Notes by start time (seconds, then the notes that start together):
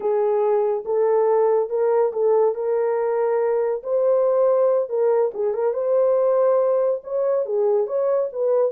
0.00 G#4
0.85 A4
1.69 A#4
2.12 A4
2.54 A#4
3.83 C5
4.89 A#4
5.33 G#4
5.53 A#4
5.73 C5
7.03 C#5
7.45 G#4
7.86 C#5
8.32 B4